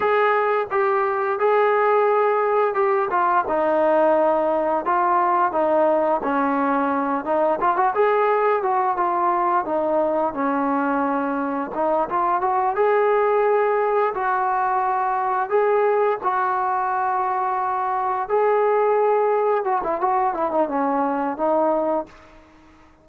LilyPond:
\new Staff \with { instrumentName = "trombone" } { \time 4/4 \tempo 4 = 87 gis'4 g'4 gis'2 | g'8 f'8 dis'2 f'4 | dis'4 cis'4. dis'8 f'16 fis'16 gis'8~ | gis'8 fis'8 f'4 dis'4 cis'4~ |
cis'4 dis'8 f'8 fis'8 gis'4.~ | gis'8 fis'2 gis'4 fis'8~ | fis'2~ fis'8 gis'4.~ | gis'8 fis'16 e'16 fis'8 e'16 dis'16 cis'4 dis'4 | }